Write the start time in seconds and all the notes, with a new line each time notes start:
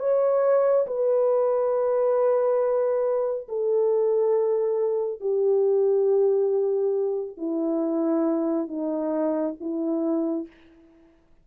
0.00 C#5
0.87 B4
3.49 A4
5.21 G4
7.38 E4
8.68 D#4
9.61 E4